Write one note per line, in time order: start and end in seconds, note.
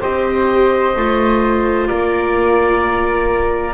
0.00 0.96 C4
0.00 0.94 G4
0.00 1.88 C5
0.00 1.87 D#5
0.96 1.89 A3
0.96 3.73 F4
1.87 3.73 A#3
1.87 3.73 A#4
1.87 3.73 D5